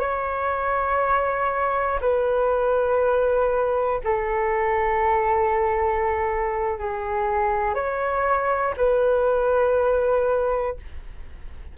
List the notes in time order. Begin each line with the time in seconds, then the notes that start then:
0.00 C#5
2.01 B4
4.05 A4
6.80 G#4
7.75 C#5
8.77 B4